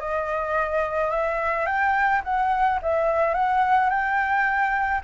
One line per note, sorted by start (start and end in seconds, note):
0.00 1.11 D#5
1.11 1.66 E5
1.66 2.22 G5
2.24 2.80 F#5
2.82 3.35 E5
3.35 3.90 F#5
3.90 5.01 G5